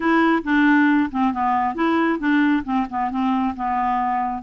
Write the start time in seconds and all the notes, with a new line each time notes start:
0.00 E4
0.43 D4
1.11 C4
1.33 B3
1.74 E4
2.19 D4
2.64 C4
2.89 B3
3.10 C4
3.56 B3